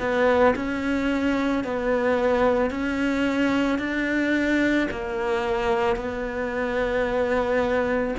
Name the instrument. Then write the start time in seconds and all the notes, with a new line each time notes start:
cello
0.00 B3
0.56 C#4
1.64 B3
2.71 C#4
3.79 D4
4.91 A#3
5.97 B3